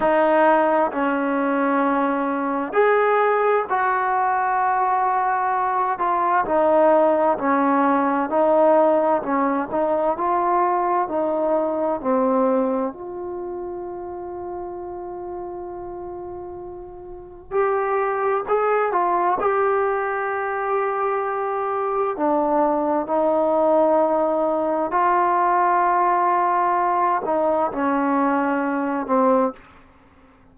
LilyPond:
\new Staff \with { instrumentName = "trombone" } { \time 4/4 \tempo 4 = 65 dis'4 cis'2 gis'4 | fis'2~ fis'8 f'8 dis'4 | cis'4 dis'4 cis'8 dis'8 f'4 | dis'4 c'4 f'2~ |
f'2. g'4 | gis'8 f'8 g'2. | d'4 dis'2 f'4~ | f'4. dis'8 cis'4. c'8 | }